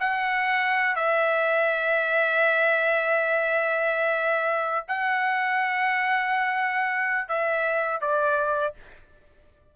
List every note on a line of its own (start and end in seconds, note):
0.00 0.96 F#5
0.96 4.86 E5
4.88 7.29 F#5
7.29 8.01 E5
8.01 8.74 D5